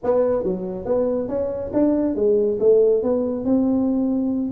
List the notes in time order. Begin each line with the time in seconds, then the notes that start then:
0.03 B3
0.43 F#3
0.85 B3
1.28 C#4
1.73 D4
2.15 G#3
2.59 A3
3.02 B3
3.44 C4